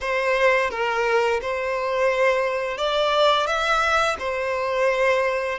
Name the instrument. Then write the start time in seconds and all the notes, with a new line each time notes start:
violin
0.01 C5
0.70 A#4
1.41 C5
2.77 D5
3.46 E5
4.19 C5